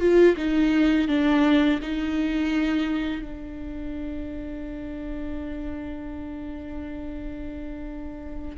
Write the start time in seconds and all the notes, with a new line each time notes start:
0.00 F4
0.37 D#4
1.08 D4
1.82 D#4
3.22 D4